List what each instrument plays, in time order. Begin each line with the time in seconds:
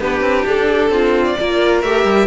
0.00 cello B3, viola D4, violin G4 B4
0.20 cello C4
0.46 cello D4, violin A4
0.89 cello C4, violin F4
1.24 violin D5
1.39 cello A#3, viola F4, violin A#4
1.82 cello A3, viola G4, violin E5
2.04 cello G3